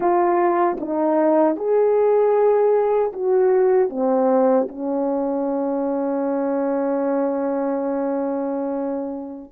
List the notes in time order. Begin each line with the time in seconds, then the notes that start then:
0.00 F4
0.80 D#4
1.56 G#4
3.12 F#4
3.89 C4
4.68 C#4